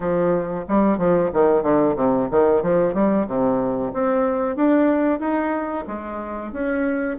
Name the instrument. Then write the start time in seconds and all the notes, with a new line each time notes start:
bassoon
0.00 F3
0.68 G3
0.98 F3
1.33 D#3
1.62 D3
1.96 C3
2.30 D#3
2.62 F3
2.94 G3
3.27 C3
3.93 C4
4.55 D4
5.19 D#4
5.87 G#3
6.52 C#4